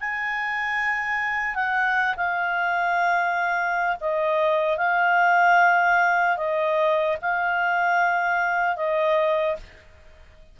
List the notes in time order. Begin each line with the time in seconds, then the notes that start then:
0.00 G#5
1.55 F#5
2.16 F5
4.00 D#5
4.77 F5
6.37 D#5
7.21 F5
8.76 D#5